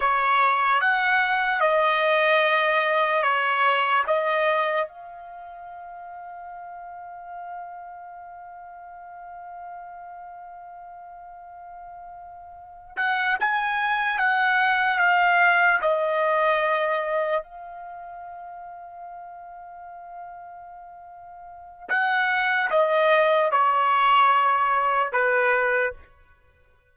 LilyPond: \new Staff \with { instrumentName = "trumpet" } { \time 4/4 \tempo 4 = 74 cis''4 fis''4 dis''2 | cis''4 dis''4 f''2~ | f''1~ | f''1 |
fis''8 gis''4 fis''4 f''4 dis''8~ | dis''4. f''2~ f''8~ | f''2. fis''4 | dis''4 cis''2 b'4 | }